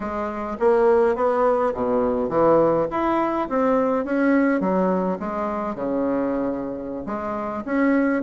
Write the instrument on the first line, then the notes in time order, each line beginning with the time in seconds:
bassoon
0.00 G#3
0.59 A#3
1.15 B3
1.74 B2
2.29 E3
2.90 E4
3.49 C4
4.04 C#4
4.60 F#3
5.19 G#3
5.75 C#3
7.05 G#3
7.65 C#4